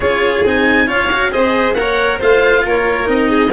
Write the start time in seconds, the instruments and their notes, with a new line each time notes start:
0.00 tuba C#4, cello F4, violin G#4, oboe C#5
0.45 tuba C4, cello D#4, oboe G#5
0.86 tuba C#4, cello F4, violin C#5, oboe F5
1.11 cello F#4
1.31 tuba C4, cello G#4, violin C5, oboe D#5
1.73 tuba A#3, cello A#4, oboe F#5
1.79 violin C#5
2.18 tuba A3, cello F4, violin C5, oboe F5
2.64 tuba A#3, violin A#4, oboe C#5
3.04 tuba C4, cello D#4, oboe D#5
3.29 violin G#4